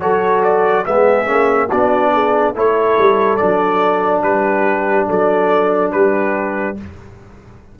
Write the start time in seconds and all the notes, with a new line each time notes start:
0.00 F#3 F#4 A4 C#5
0.43 D5
0.86 G#3 B3 G#4 E5
1.26 A#3 C#4
1.69 B3 D4 F#4 D5
2.13 G#4
2.54 A3 E4 A4 C#5
2.98 G3
3.36 F#3 D4 D5
4.22 G3 G4 B4
5.09 F#3 A4 D5
5.92 G3 G4 B4